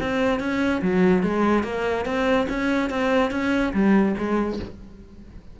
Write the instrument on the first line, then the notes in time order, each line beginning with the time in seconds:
cello
0.00 C4
0.40 C#4
0.82 F#3
1.23 G#3
1.63 A#3
2.05 C4
2.49 C#4
2.90 C4
3.31 C#4
3.73 G3
4.18 G#3